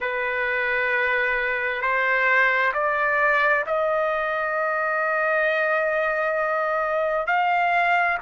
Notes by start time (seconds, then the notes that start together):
0.00 B4
1.81 C5
2.73 D5
3.66 D#5
7.26 F5